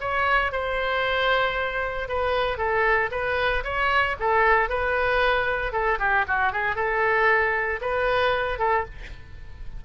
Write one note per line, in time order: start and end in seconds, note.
0.00 0.51 C#5
0.51 2.08 C5
2.08 2.57 B4
2.57 3.09 A4
3.11 3.63 B4
3.64 4.16 C#5
4.19 4.69 A4
4.69 5.72 B4
5.72 5.98 A4
5.99 6.25 G4
6.27 6.52 F#4
6.52 6.75 G#4
6.75 7.80 A4
7.81 8.58 B4
8.58 8.85 A4